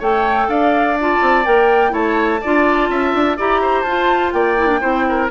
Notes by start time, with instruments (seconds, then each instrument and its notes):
0.00 bassoon A3, clarinet A4, oboe C#5, flute G5
0.48 bassoon D4, oboe D5, flute F5
1.01 clarinet F4, flute A5
1.22 bassoon C4
1.45 bassoon A#3, clarinet A#4, flute G5
1.90 bassoon A3, clarinet E4, oboe C#5, flute A5
2.41 bassoon D4, clarinet F4, oboe D5
2.90 bassoon C#4, oboe E5
3.14 bassoon D4
3.37 bassoon E4, clarinet G4, oboe D5, flute A#5
3.62 oboe C5
3.83 bassoon F4, clarinet F4, flute A5
4.33 bassoon A#3, oboe D5, flute G5
4.58 clarinet E4
4.67 clarinet D4
4.81 bassoon C4, clarinet E4, oboe C5
5.09 oboe A#4